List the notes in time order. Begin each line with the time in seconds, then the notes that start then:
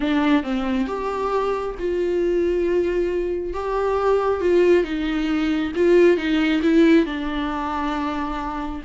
0.00 D4
0.43 C4
0.87 G4
1.78 F4
3.53 G4
4.40 F4
4.83 D#4
5.75 F4
6.17 D#4
6.62 E4
7.05 D4